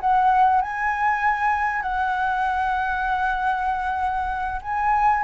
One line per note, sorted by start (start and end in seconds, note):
0.00 0.61 F#5
0.61 1.82 G#5
1.82 4.60 F#5
4.62 5.23 G#5